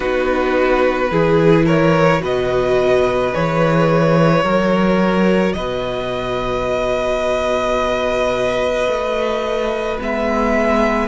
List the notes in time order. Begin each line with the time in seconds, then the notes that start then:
0.00 B3 D#4 F#4 B4
1.11 E3 E4 G#4
1.65 A#4 C#5
2.19 B2 F#4 B4 D#5
3.33 E3 G#4 C#5
4.43 F#3 F#4 A#4
5.53 B2 B4 D#5
8.87 A3
9.99 G#3 B3 E5